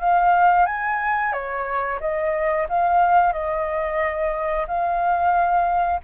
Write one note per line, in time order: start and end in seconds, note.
0.00 0.66 F5
0.66 1.33 G#5
1.33 1.99 C#5
2.00 2.67 D#5
2.69 3.33 F5
3.33 4.66 D#5
4.68 6.01 F5